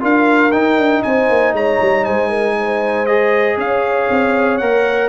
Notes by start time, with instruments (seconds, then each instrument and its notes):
0.00 tuba D4, trombone F4, horn A#4, trumpet F5
0.52 tuba D#4, trombone D#4, trumpet G5
0.78 tuba D4
1.03 tuba C4, horn C5, trumpet G#5
1.29 tuba A#3
1.53 tuba G#3, horn C#5, trumpet A#5
1.82 tuba G3
2.05 tuba G#3, horn C5, trumpet G#5
2.29 horn A#4
2.59 horn C5
3.06 trombone G#4, trumpet D#5
3.57 tuba C#4, horn C#5, trumpet F5
4.10 tuba C4
4.58 tuba A#3, trombone A#4, trumpet F#5